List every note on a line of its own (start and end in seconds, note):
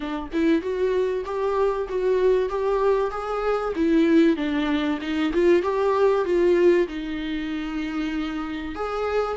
0.00 0.29 D4
0.32 0.61 E4
0.61 1.24 F#4
1.25 1.87 G4
1.88 2.49 F#4
2.49 3.11 G4
3.11 3.73 G#4
3.75 4.36 E4
4.36 4.99 D4
5.01 5.32 D#4
5.33 5.62 F4
5.62 6.24 G4
6.24 6.87 F4
6.88 8.75 D#4
8.75 9.37 G#4